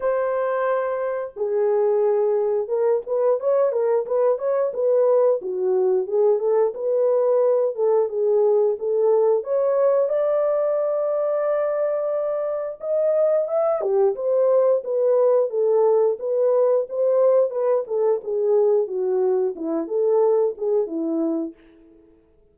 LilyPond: \new Staff \with { instrumentName = "horn" } { \time 4/4 \tempo 4 = 89 c''2 gis'2 | ais'8 b'8 cis''8 ais'8 b'8 cis''8 b'4 | fis'4 gis'8 a'8 b'4. a'8 | gis'4 a'4 cis''4 d''4~ |
d''2. dis''4 | e''8 g'8 c''4 b'4 a'4 | b'4 c''4 b'8 a'8 gis'4 | fis'4 e'8 a'4 gis'8 e'4 | }